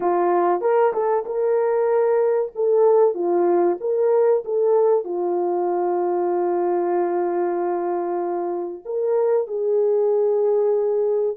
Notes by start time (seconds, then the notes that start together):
0.00 F4
0.61 A#4
0.93 A4
1.25 A#4
2.55 A4
3.14 F4
3.80 A#4
4.44 A4
5.04 F4
8.85 A#4
9.47 G#4